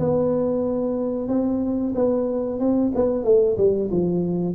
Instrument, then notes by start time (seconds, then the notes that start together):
tuba
0.00 B3
1.28 C4
1.95 B3
2.60 C4
2.95 B3
3.25 A3
3.58 G3
3.91 F3